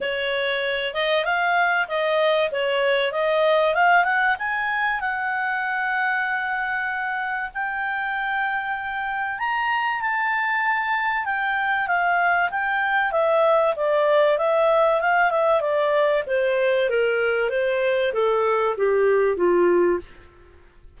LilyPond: \new Staff \with { instrumentName = "clarinet" } { \time 4/4 \tempo 4 = 96 cis''4. dis''8 f''4 dis''4 | cis''4 dis''4 f''8 fis''8 gis''4 | fis''1 | g''2. ais''4 |
a''2 g''4 f''4 | g''4 e''4 d''4 e''4 | f''8 e''8 d''4 c''4 ais'4 | c''4 a'4 g'4 f'4 | }